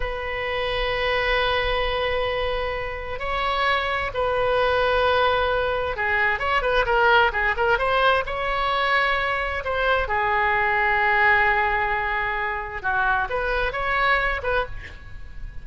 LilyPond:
\new Staff \with { instrumentName = "oboe" } { \time 4/4 \tempo 4 = 131 b'1~ | b'2. cis''4~ | cis''4 b'2.~ | b'4 gis'4 cis''8 b'8 ais'4 |
gis'8 ais'8 c''4 cis''2~ | cis''4 c''4 gis'2~ | gis'1 | fis'4 b'4 cis''4. b'8 | }